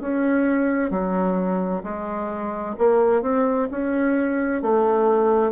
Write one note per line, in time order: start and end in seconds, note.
0.00 0.90 C#4
0.90 1.83 F#3
1.83 2.75 G#3
2.78 3.22 A#3
3.22 3.68 C4
3.70 4.62 C#4
4.62 5.52 A3